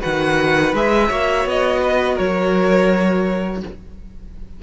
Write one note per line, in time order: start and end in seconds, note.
0.00 0.73 D#3
0.00 0.72 F#4
0.00 1.08 B4
0.00 0.74 F#5
0.73 1.09 G#3
0.73 1.08 G#4
0.73 1.48 E5
1.08 1.45 A#3
1.08 3.61 F#4
1.08 1.80 C#5
1.45 2.17 B3
1.45 2.17 D#5
1.83 2.14 B4
2.14 3.62 F#3
2.14 3.59 A#4
2.14 3.62 C#5